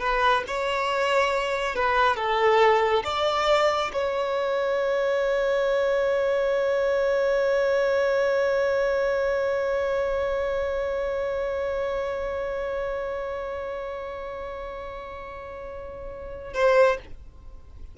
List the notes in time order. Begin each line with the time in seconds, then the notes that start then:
0.00 B4
0.47 C#5
1.75 B4
2.16 A4
3.04 D5
3.93 C#5
16.54 C5